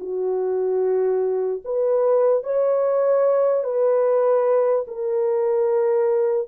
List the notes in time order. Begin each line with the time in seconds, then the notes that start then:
0.00 F#4
1.64 B4
2.44 C#5
3.64 B4
4.87 A#4